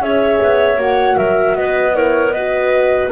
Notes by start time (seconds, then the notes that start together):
0.00 C#4 G#4 C#5 E5
0.42 B3
0.77 A#3 F#4 F#5
1.17 F#3 A#4 E5
1.55 B3 B4 D#5
1.93 E4 A#4 C#5
2.31 F#4 B4 D#5